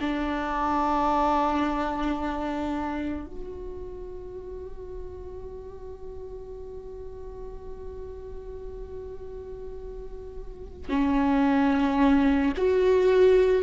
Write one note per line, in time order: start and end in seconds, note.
0.00 3.27 D4
3.27 10.89 F#4
10.89 12.53 C#4
12.57 13.63 F#4